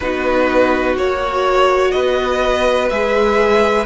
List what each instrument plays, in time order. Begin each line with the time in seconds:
0.00 cello B3, viola D#4, violin F#4 B4
0.96 cello A#3, viola F#4, violin C#5
1.91 cello B3, violin B4 D#5
2.89 cello G#3, viola G#4, violin E5